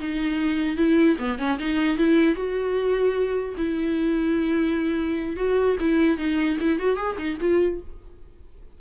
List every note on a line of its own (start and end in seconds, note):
0.00 0.77 D#4
0.77 1.17 E4
1.19 1.39 B3
1.39 1.59 C#4
1.59 1.98 D#4
1.98 2.36 E4
2.36 3.56 F#4
3.58 5.37 E4
5.37 5.77 F#4
5.80 6.18 E4
6.18 6.58 D#4
6.61 6.80 E4
6.80 6.97 F#4
6.97 7.17 G#4
7.18 7.38 D#4
7.41 7.81 F4